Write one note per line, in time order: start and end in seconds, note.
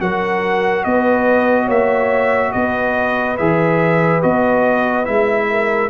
0.00 0.85 F#3
0.00 3.38 F#4
0.00 0.86 A#4
0.00 0.85 F#5
0.85 1.69 B3
0.85 1.65 B4
0.85 1.69 D#5
1.65 2.53 A#3
1.65 2.50 C#5
1.65 2.52 E5
2.52 3.40 B3
2.52 5.49 B4
2.52 3.37 D#5
3.38 4.24 E3
3.38 4.23 G#4
3.38 4.22 E5
4.23 5.08 B3
4.23 5.05 F#4
4.23 5.06 D#5
5.05 5.90 G#3
5.05 5.89 E4
5.05 5.90 E5
5.50 5.90 A#4